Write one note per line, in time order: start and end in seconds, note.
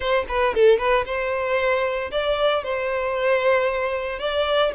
0.00 0.25 C5
0.28 0.54 B4
0.54 0.78 A4
0.78 1.04 B4
1.05 2.10 C5
2.11 2.63 D5
2.63 4.19 C5
4.19 4.72 D5